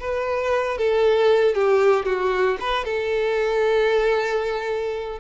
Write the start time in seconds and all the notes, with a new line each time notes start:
0.00 B4
0.78 A4
1.54 G4
2.05 F#4
2.60 B4
2.85 A4